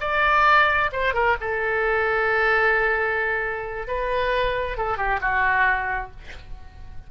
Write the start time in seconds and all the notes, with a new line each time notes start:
0.00 D5
0.92 C5
1.14 A#4
1.40 A4
3.87 B4
4.77 A4
4.97 G4
5.21 F#4